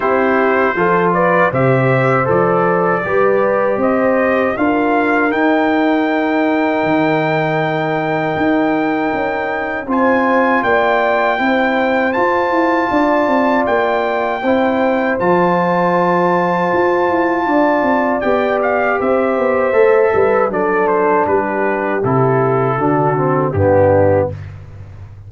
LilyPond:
<<
  \new Staff \with { instrumentName = "trumpet" } { \time 4/4 \tempo 4 = 79 c''4. d''8 e''4 d''4~ | d''4 dis''4 f''4 g''4~ | g''1~ | g''4 gis''4 g''2 |
a''2 g''2 | a''1 | g''8 f''8 e''2 d''8 c''8 | b'4 a'2 g'4 | }
  \new Staff \with { instrumentName = "horn" } { \time 4/4 g'4 a'8 b'8 c''2 | b'4 c''4 ais'2~ | ais'1~ | ais'4 c''4 d''4 c''4~ |
c''4 d''2 c''4~ | c''2. d''4~ | d''4 c''4. b'8 a'4 | g'2 fis'4 d'4 | }
  \new Staff \with { instrumentName = "trombone" } { \time 4/4 e'4 f'4 g'4 a'4 | g'2 f'4 dis'4~ | dis'1~ | dis'4 f'2 e'4 |
f'2. e'4 | f'1 | g'2 a'4 d'4~ | d'4 e'4 d'8 c'8 b4 | }
  \new Staff \with { instrumentName = "tuba" } { \time 4/4 c'4 f4 c4 f4 | g4 c'4 d'4 dis'4~ | dis'4 dis2 dis'4 | cis'4 c'4 ais4 c'4 |
f'8 e'8 d'8 c'8 ais4 c'4 | f2 f'8 e'8 d'8 c'8 | b4 c'8 b8 a8 g8 fis4 | g4 c4 d4 g,4 | }
>>